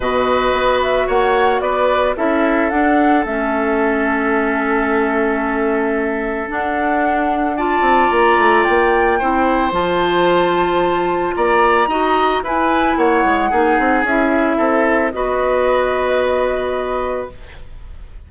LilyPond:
<<
  \new Staff \with { instrumentName = "flute" } { \time 4/4 \tempo 4 = 111 dis''4. e''8 fis''4 d''4 | e''4 fis''4 e''2~ | e''1 | fis''2 a''4 ais''4 |
g''2 a''2~ | a''4 ais''2 gis''4 | fis''2 e''2 | dis''1 | }
  \new Staff \with { instrumentName = "oboe" } { \time 4/4 b'2 cis''4 b'4 | a'1~ | a'1~ | a'2 d''2~ |
d''4 c''2.~ | c''4 d''4 dis''4 b'4 | cis''4 gis'2 a'4 | b'1 | }
  \new Staff \with { instrumentName = "clarinet" } { \time 4/4 fis'1 | e'4 d'4 cis'2~ | cis'1 | d'2 f'2~ |
f'4 e'4 f'2~ | f'2 fis'4 e'4~ | e'4 dis'4 e'2 | fis'1 | }
  \new Staff \with { instrumentName = "bassoon" } { \time 4/4 b,4 b4 ais4 b4 | cis'4 d'4 a2~ | a1 | d'2~ d'8 c'8 ais8 a8 |
ais4 c'4 f2~ | f4 ais4 dis'4 e'4 | ais8 gis8 ais8 c'8 cis'4 c'4 | b1 | }
>>